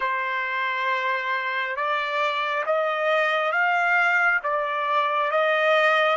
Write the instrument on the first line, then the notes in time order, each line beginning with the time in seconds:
trumpet
0.00 C5
1.76 D5
2.66 D#5
3.51 F5
4.43 D5
5.31 D#5